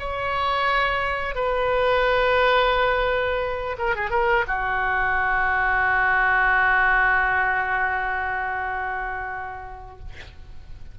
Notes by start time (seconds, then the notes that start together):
0.00 C#5
1.35 B4
3.79 A#4
3.96 G#4
4.11 A#4
4.48 F#4